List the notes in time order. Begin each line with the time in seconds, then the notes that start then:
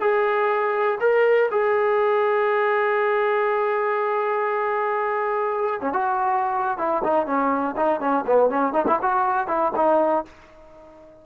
0.00 G#4
1.00 A#4
1.51 G#4
5.81 C#4
5.93 F#4
6.78 E4
7.04 D#4
7.26 C#4
7.76 D#4
8.00 C#4
8.26 B3
8.50 C#4
8.73 D#4
8.87 E4
9.02 F#4
9.47 E4
9.76 D#4